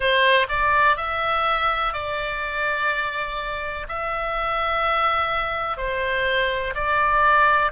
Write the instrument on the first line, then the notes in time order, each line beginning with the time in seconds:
oboe
0.00 C5
0.48 D5
0.97 E5
1.93 D5
3.88 E5
5.77 C5
6.75 D5